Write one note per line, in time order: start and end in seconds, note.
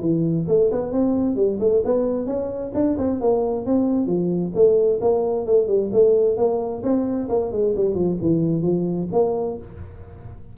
0.00 0.45 E3
0.48 0.70 A3
0.71 0.92 B3
0.92 1.36 C4
1.36 1.58 G3
1.60 1.82 A3
1.84 2.26 B3
2.26 2.71 C#4
2.74 2.97 D4
2.98 3.20 C4
3.20 3.65 A#3
3.65 4.06 C4
4.06 4.52 F3
4.54 5.00 A3
5.01 5.46 A#3
5.46 5.67 A3
5.67 5.90 G3
5.92 6.37 A3
6.37 6.82 A#3
6.83 7.28 C4
7.29 7.52 A#3
7.52 7.74 G#3
7.76 7.94 G3
7.94 8.17 F3
8.21 8.62 E3
8.62 9.07 F3
9.12 9.57 A#3